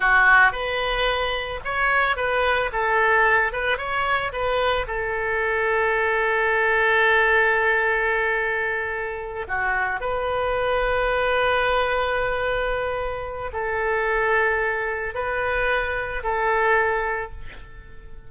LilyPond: \new Staff \with { instrumentName = "oboe" } { \time 4/4 \tempo 4 = 111 fis'4 b'2 cis''4 | b'4 a'4. b'8 cis''4 | b'4 a'2.~ | a'1~ |
a'4. fis'4 b'4.~ | b'1~ | b'4 a'2. | b'2 a'2 | }